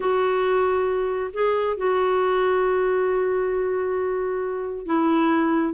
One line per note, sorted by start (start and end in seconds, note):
0.00 1.31 F#4
1.33 1.77 G#4
1.77 4.86 F#4
4.86 5.73 E4